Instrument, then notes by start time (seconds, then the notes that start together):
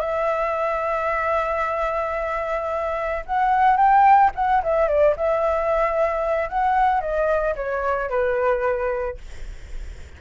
flute
0.00 E5
3.26 F#5
3.77 G5
4.35 F#5
4.63 E5
4.88 D5
5.16 E5
6.49 F#5
7.01 D#5
7.55 C#5
8.09 B4